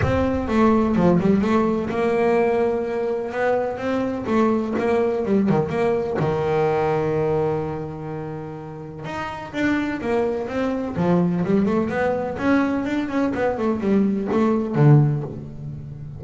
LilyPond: \new Staff \with { instrumentName = "double bass" } { \time 4/4 \tempo 4 = 126 c'4 a4 f8 g8 a4 | ais2. b4 | c'4 a4 ais4 g8 dis8 | ais4 dis2.~ |
dis2. dis'4 | d'4 ais4 c'4 f4 | g8 a8 b4 cis'4 d'8 cis'8 | b8 a8 g4 a4 d4 | }